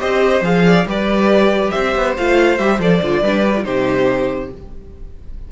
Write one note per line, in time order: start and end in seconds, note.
0.00 0.42 C4
0.00 0.43 G4
0.00 0.65 C5
0.00 0.43 D#5
0.42 0.85 F3
0.42 0.87 G#4
0.42 0.88 F5
0.66 0.88 D5
0.86 1.72 G3
0.86 2.17 G4
0.86 1.73 B4
0.86 1.71 D5
1.71 1.96 C4
1.71 3.21 C5
1.71 2.14 E5
1.96 2.17 B3
2.17 2.59 A3
2.17 2.58 F4
2.17 2.58 F5
2.58 2.79 G3
2.58 2.79 G4
2.58 2.80 E5
2.79 3.01 F3
2.79 3.02 A4
2.79 3.65 D5
3.02 3.23 D3
3.02 3.25 F4
3.21 3.66 G3
3.21 3.44 D4
3.21 3.64 B4
3.44 3.55 G4
3.57 3.64 F4
3.64 4.52 C3
3.64 4.50 D#4
3.64 4.51 G4
3.64 4.50 C5